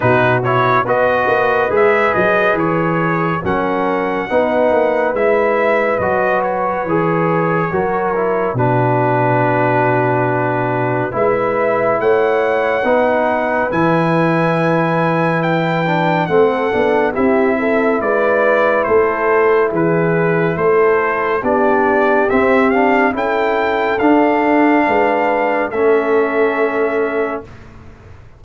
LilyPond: <<
  \new Staff \with { instrumentName = "trumpet" } { \time 4/4 \tempo 4 = 70 b'8 cis''8 dis''4 e''8 dis''8 cis''4 | fis''2 e''4 dis''8 cis''8~ | cis''2 b'2~ | b'4 e''4 fis''2 |
gis''2 g''4 fis''4 | e''4 d''4 c''4 b'4 | c''4 d''4 e''8 f''8 g''4 | f''2 e''2 | }
  \new Staff \with { instrumentName = "horn" } { \time 4/4 fis'4 b'2. | ais'4 b'2.~ | b'4 ais'4 fis'2~ | fis'4 b'4 cis''4 b'4~ |
b'2. a'4 | g'8 a'8 b'4 a'4 gis'4 | a'4 g'2 a'4~ | a'4 b'4 a'2 | }
  \new Staff \with { instrumentName = "trombone" } { \time 4/4 dis'8 e'8 fis'4 gis'2 | cis'4 dis'4 e'4 fis'4 | gis'4 fis'8 e'8 d'2~ | d'4 e'2 dis'4 |
e'2~ e'8 d'8 c'8 d'8 | e'1~ | e'4 d'4 c'8 d'8 e'4 | d'2 cis'2 | }
  \new Staff \with { instrumentName = "tuba" } { \time 4/4 b,4 b8 ais8 gis8 fis8 e4 | fis4 b8 ais8 gis4 fis4 | e4 fis4 b,2~ | b,4 gis4 a4 b4 |
e2. a8 b8 | c'4 gis4 a4 e4 | a4 b4 c'4 cis'4 | d'4 gis4 a2 | }
>>